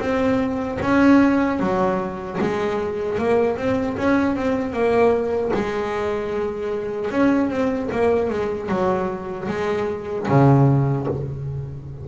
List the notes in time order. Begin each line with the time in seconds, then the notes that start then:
0.00 C4
0.82 C#4
1.60 F#3
2.41 G#3
3.19 A#3
3.57 C4
3.97 C#4
4.36 C4
4.73 A#3
5.54 G#3
7.11 C#4
7.50 C4
7.92 A#3
8.30 G#3
8.69 F#3
9.48 G#3
10.29 C#3